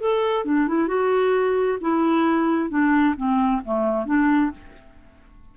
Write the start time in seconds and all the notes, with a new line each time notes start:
0.00 A4
0.45 D4
0.68 E4
0.88 F#4
1.81 E4
2.69 D4
3.16 C4
3.64 A3
4.06 D4